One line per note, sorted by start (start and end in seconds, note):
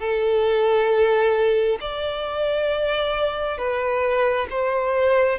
0.00 1.79 A4
1.81 3.58 D5
3.58 4.48 B4
4.50 5.39 C5